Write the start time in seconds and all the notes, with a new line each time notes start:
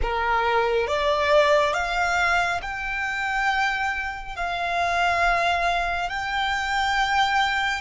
0.02 A#4
0.87 D5
1.74 F5
2.62 G5
4.36 F5
6.09 G5